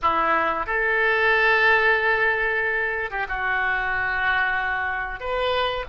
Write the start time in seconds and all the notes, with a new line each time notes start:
0.02 E4
0.66 A4
3.10 G4
3.28 F#4
5.19 B4